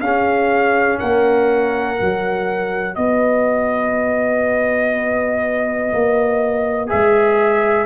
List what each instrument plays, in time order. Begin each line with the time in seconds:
0.00 tuba C#4, trombone C#4, horn G#4, trumpet F5
0.99 tuba A#3, horn A#4, trumpet F#5
1.97 tuba F#3, trombone F#4
2.95 tuba B3, horn B4, trumpet D#5
5.93 tuba A#3
6.87 tuba G#3, trombone G#4, trumpet E5